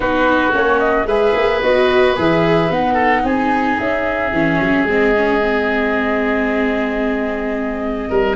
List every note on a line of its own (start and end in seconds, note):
0.00 0.52 B3
0.00 0.52 D#4
0.00 1.07 F#4
0.00 0.53 B4
0.52 1.05 A#3
0.52 1.06 C#4
0.52 0.79 C#5
0.79 1.06 D#5
1.05 1.32 G#3
1.05 1.63 G#4
1.05 2.93 B4
1.05 1.61 E5
1.34 1.61 A#3
1.61 2.16 B3
1.61 2.16 F#4
1.61 2.15 D#5
2.16 2.70 E3
2.16 2.69 G#4
2.16 2.72 E5
2.69 3.23 B3
2.69 4.32 D#4
2.69 3.25 F#5
2.93 3.20 A4
3.23 3.77 C4
3.23 8.09 G#4
3.23 3.79 G#5
3.79 4.32 C#4
3.79 4.86 E5
4.32 4.59 E3
4.32 4.87 C#4
4.60 4.83 F#3
4.83 8.07 G#3
4.83 5.15 C4
4.83 8.36 D#5
5.15 5.41 C#4
5.41 8.36 C4
8.09 8.36 G3
8.09 8.36 A#4